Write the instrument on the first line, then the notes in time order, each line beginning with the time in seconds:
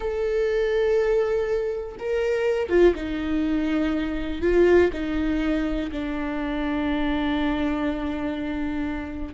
viola
0.00 A4
1.99 A#4
2.69 F4
2.95 D#4
4.41 F4
4.92 D#4
5.91 D4